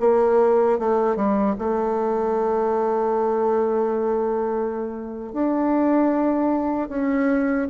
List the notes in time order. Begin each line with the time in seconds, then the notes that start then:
0.00 A#3
0.79 A3
1.16 G3
1.59 A3
5.33 D4
6.89 C#4